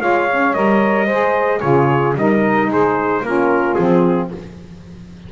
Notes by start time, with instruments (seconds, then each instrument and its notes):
0.00 double bass G#3, saxophone F4 C#5, trumpet F5
0.30 saxophone C#4
0.54 double bass G3, saxophone A#4, trumpet D#5
1.05 double bass G#3, saxophone G#4 C5
1.59 double bass C#3, saxophone F4 G#4, trumpet C#5
2.15 double bass G3, saxophone D#4 A#4, trumpet D#5
2.67 double bass G#3, saxophone G#4, trumpet C5
3.22 double bass A#3, saxophone C#4 F4, trumpet A#4
3.74 double bass F3, saxophone C4, trumpet G#4